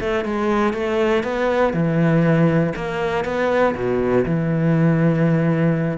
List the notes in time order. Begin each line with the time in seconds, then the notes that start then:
0.00 A3
0.25 G#3
0.73 A3
1.23 B3
1.73 E3
2.75 A#3
3.25 B3
3.75 B2
4.25 E3